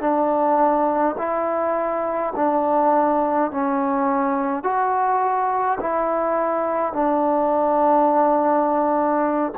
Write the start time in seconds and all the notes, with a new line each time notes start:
0.00 D4
1.17 E4
2.35 D4
3.50 C#4
4.63 F#4
5.80 E4
6.93 D4